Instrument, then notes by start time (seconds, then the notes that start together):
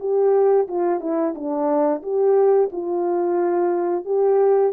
horn
0.00 G4
0.68 F4
1.01 E4
1.35 D4
2.03 G4
2.72 F4
4.05 G4